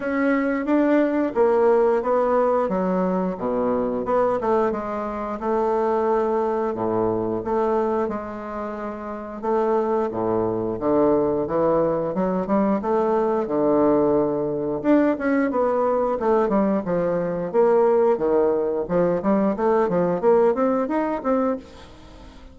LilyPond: \new Staff \with { instrumentName = "bassoon" } { \time 4/4 \tempo 4 = 89 cis'4 d'4 ais4 b4 | fis4 b,4 b8 a8 gis4 | a2 a,4 a4 | gis2 a4 a,4 |
d4 e4 fis8 g8 a4 | d2 d'8 cis'8 b4 | a8 g8 f4 ais4 dis4 | f8 g8 a8 f8 ais8 c'8 dis'8 c'8 | }